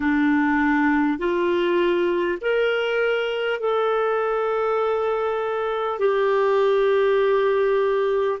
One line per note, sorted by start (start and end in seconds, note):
0.00 1.18 D4
1.18 2.38 F4
2.41 3.59 A#4
3.59 5.99 A4
5.99 8.39 G4